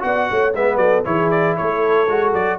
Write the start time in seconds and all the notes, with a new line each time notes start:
0.00 B3 F#4 D5 F#5
0.31 A3 C#5
0.54 G#3 B3 B4 E5
0.76 F#3 A4 D5
1.05 E3 E4 G#4 C#5
1.31 D5
1.57 A3 A4 C#5
2.09 G#3 F#4
2.34 F#3 D5